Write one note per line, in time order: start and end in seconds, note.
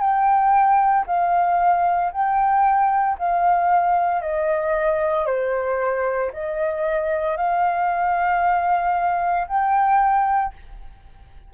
0.00 1.05 G5
1.06 2.11 F5
2.11 3.17 G5
3.18 4.22 F5
4.22 5.26 D#5
5.26 6.31 C5
6.33 7.37 D#5
7.37 9.47 F5
9.47 10.53 G5